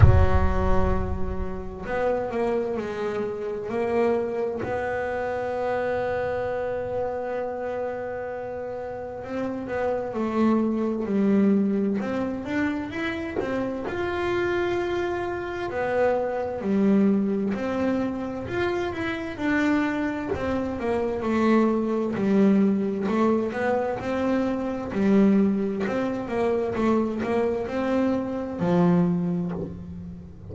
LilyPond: \new Staff \with { instrumentName = "double bass" } { \time 4/4 \tempo 4 = 65 fis2 b8 ais8 gis4 | ais4 b2.~ | b2 c'8 b8 a4 | g4 c'8 d'8 e'8 c'8 f'4~ |
f'4 b4 g4 c'4 | f'8 e'8 d'4 c'8 ais8 a4 | g4 a8 b8 c'4 g4 | c'8 ais8 a8 ais8 c'4 f4 | }